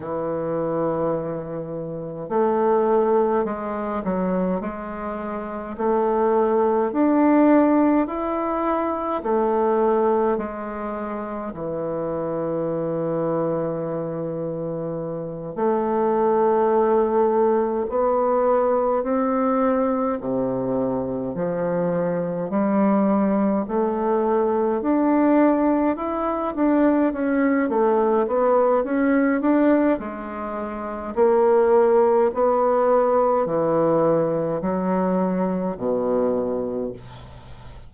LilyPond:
\new Staff \with { instrumentName = "bassoon" } { \time 4/4 \tempo 4 = 52 e2 a4 gis8 fis8 | gis4 a4 d'4 e'4 | a4 gis4 e2~ | e4. a2 b8~ |
b8 c'4 c4 f4 g8~ | g8 a4 d'4 e'8 d'8 cis'8 | a8 b8 cis'8 d'8 gis4 ais4 | b4 e4 fis4 b,4 | }